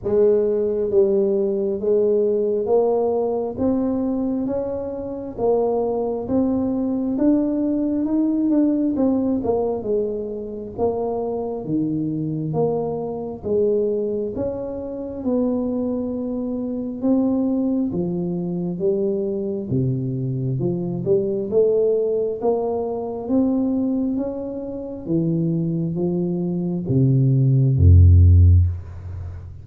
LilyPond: \new Staff \with { instrumentName = "tuba" } { \time 4/4 \tempo 4 = 67 gis4 g4 gis4 ais4 | c'4 cis'4 ais4 c'4 | d'4 dis'8 d'8 c'8 ais8 gis4 | ais4 dis4 ais4 gis4 |
cis'4 b2 c'4 | f4 g4 c4 f8 g8 | a4 ais4 c'4 cis'4 | e4 f4 c4 f,4 | }